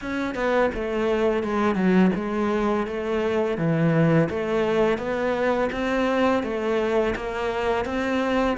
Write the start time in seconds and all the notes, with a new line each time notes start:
0.01 C#4
0.34 B3
0.74 A3
1.43 G#3
1.75 F#3
2.15 G#3
2.86 A3
3.57 E3
4.29 A3
4.98 B3
5.71 C4
6.43 A3
7.15 A#3
7.85 C4